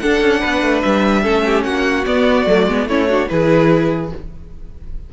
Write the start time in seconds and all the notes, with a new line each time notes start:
0.00 D4 A4 F#5
0.21 C#4
0.40 B3 B4
0.62 A3
0.82 G3 E5
1.23 A3 C#4 A4
1.46 G4
1.64 A#3 F#4 F#5
2.06 B3 D5
2.46 F#3 A3
2.66 G#3 B3
2.86 A3 C#4 E4 C#5
3.09 D4 F#4
3.29 E3 E4 G#4 B4